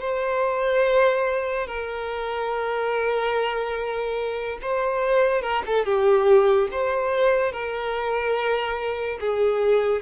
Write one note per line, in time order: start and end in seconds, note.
0.00 1.67 C5
1.67 4.58 A#4
4.62 5.41 C5
5.41 5.62 A#4
5.66 5.85 A4
5.85 6.68 G4
6.71 7.52 C5
7.52 9.19 A#4
9.20 10.02 G#4